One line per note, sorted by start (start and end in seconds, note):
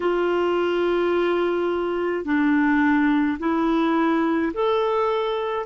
0.00 2.24 F4
2.24 3.38 D4
3.39 4.52 E4
4.53 5.66 A4